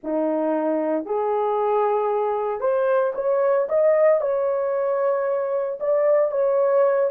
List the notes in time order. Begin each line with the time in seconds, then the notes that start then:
0.03 D#4
1.05 G#4
2.60 C5
3.14 C#5
3.68 D#5
4.21 C#5
5.80 D5
6.31 C#5